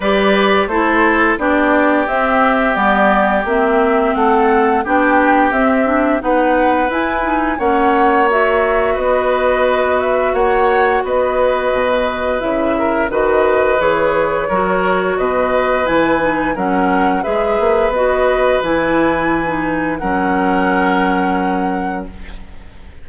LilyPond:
<<
  \new Staff \with { instrumentName = "flute" } { \time 4/4 \tempo 4 = 87 d''4 c''4 d''4 e''4 | d''4 e''4 fis''4 g''4 | e''4 fis''4 gis''4 fis''4 | e''4 dis''4. e''8 fis''4 |
dis''2 e''4 dis''4 | cis''2 dis''4 gis''4 | fis''4 e''4 dis''4 gis''4~ | gis''4 fis''2. | }
  \new Staff \with { instrumentName = "oboe" } { \time 4/4 b'4 a'4 g'2~ | g'2 a'4 g'4~ | g'4 b'2 cis''4~ | cis''4 b'2 cis''4 |
b'2~ b'8 ais'8 b'4~ | b'4 ais'4 b'2 | ais'4 b'2.~ | b'4 ais'2. | }
  \new Staff \with { instrumentName = "clarinet" } { \time 4/4 g'4 e'4 d'4 c'4 | b4 c'2 d'4 | c'8 d'8 dis'4 e'8 dis'8 cis'4 | fis'1~ |
fis'2 e'4 fis'4 | gis'4 fis'2 e'8 dis'8 | cis'4 gis'4 fis'4 e'4~ | e'16 dis'8. cis'2. | }
  \new Staff \with { instrumentName = "bassoon" } { \time 4/4 g4 a4 b4 c'4 | g4 ais4 a4 b4 | c'4 b4 e'4 ais4~ | ais4 b2 ais4 |
b4 b,4 cis4 dis4 | e4 fis4 b,4 e4 | fis4 gis8 ais8 b4 e4~ | e4 fis2. | }
>>